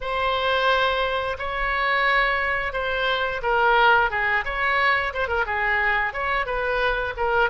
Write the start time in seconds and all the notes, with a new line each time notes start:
0.00 C5
1.38 C#5
2.72 C5
3.42 A#4
4.10 G#4
4.44 C#5
5.13 C5
5.27 A#4
5.46 G#4
6.13 C#5
6.46 B4
7.17 A#4